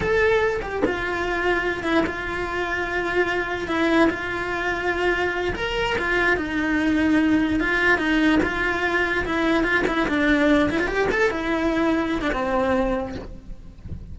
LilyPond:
\new Staff \with { instrumentName = "cello" } { \time 4/4 \tempo 4 = 146 a'4. g'8 f'2~ | f'8 e'8 f'2.~ | f'4 e'4 f'2~ | f'4. ais'4 f'4 dis'8~ |
dis'2~ dis'8 f'4 dis'8~ | dis'8 f'2 e'4 f'8 | e'8 d'4. e'16 f'16 g'8 a'8 e'8~ | e'4.~ e'16 d'16 c'2 | }